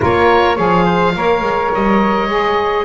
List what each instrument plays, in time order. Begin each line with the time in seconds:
0.00 double bass A#3, saxophone F4, flute A#4, oboe C#5
0.55 double bass F3, saxophone G#4, flute C#5, oboe F5
0.84 flute C5
1.15 double bass A#3, saxophone A#4, flute C#5
1.41 double bass G#3
1.74 double bass G3, oboe D#5
2.28 double bass G#3, saxophone G#4